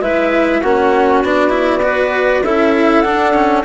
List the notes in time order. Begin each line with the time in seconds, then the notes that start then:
0.00 G#3 E4 B4 E5
0.60 A#3 C#4 F#4 F#5
1.22 B3 D4 D5
1.49 E4
1.82 F#4 B4
2.43 C#4 E4 A4 E5
3.01 D4 F#5
3.33 C#4